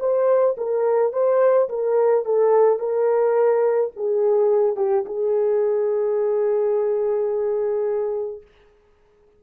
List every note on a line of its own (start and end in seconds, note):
0.00 0.56 C5
0.58 1.13 A#4
1.13 1.69 C5
1.69 2.25 A#4
2.25 2.79 A4
2.79 3.91 A#4
3.96 4.76 G#4
4.76 5.04 G4
5.05 8.42 G#4